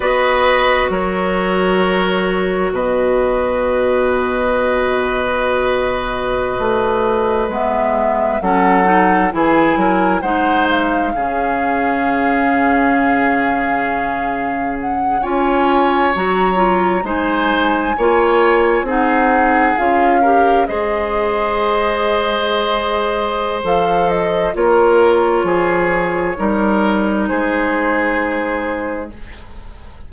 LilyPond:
<<
  \new Staff \with { instrumentName = "flute" } { \time 4/4 \tempo 4 = 66 dis''4 cis''2 dis''4~ | dis''1~ | dis''16 e''4 fis''4 gis''4 fis''8 f''16~ | f''1~ |
f''16 fis''8 gis''4 ais''4 gis''4~ gis''16~ | gis''8. fis''4 f''4 dis''4~ dis''16~ | dis''2 f''8 dis''8 cis''4~ | cis''2 c''2 | }
  \new Staff \with { instrumentName = "oboe" } { \time 4/4 b'4 ais'2 b'4~ | b'1~ | b'4~ b'16 a'4 gis'8 ais'8 c''8.~ | c''16 gis'2.~ gis'8.~ |
gis'8. cis''2 c''4 cis''16~ | cis''8. gis'4. ais'8 c''4~ c''16~ | c''2. ais'4 | gis'4 ais'4 gis'2 | }
  \new Staff \with { instrumentName = "clarinet" } { \time 4/4 fis'1~ | fis'1~ | fis'16 b4 cis'8 dis'8 e'4 dis'8.~ | dis'16 cis'2.~ cis'8.~ |
cis'8. f'4 fis'8 f'8 dis'4 f'16~ | f'8. dis'4 f'8 g'8 gis'4~ gis'16~ | gis'2 a'4 f'4~ | f'4 dis'2. | }
  \new Staff \with { instrumentName = "bassoon" } { \time 4/4 b4 fis2 b,4~ | b,2.~ b,16 a8.~ | a16 gis4 fis4 e8 fis8 gis8.~ | gis16 cis2.~ cis8.~ |
cis8. cis'4 fis4 gis4 ais16~ | ais8. c'4 cis'4 gis4~ gis16~ | gis2 f4 ais4 | f4 g4 gis2 | }
>>